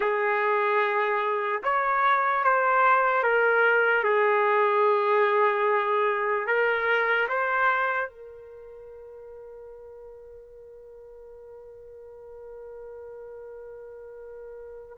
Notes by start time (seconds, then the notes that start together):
0.00 G#4
1.63 C#5
2.43 C5
3.22 A#4
4.03 G#4
6.46 A#4
7.28 C5
8.09 A#4